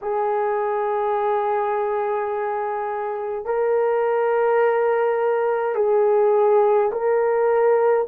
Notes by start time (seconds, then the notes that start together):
0.01 G#4
3.45 A#4
5.75 G#4
6.92 A#4